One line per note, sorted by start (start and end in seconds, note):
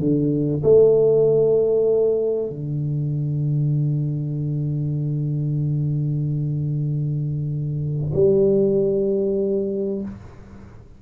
0.00 0.62 D3
0.63 2.50 A3
2.50 8.12 D3
8.15 10.02 G3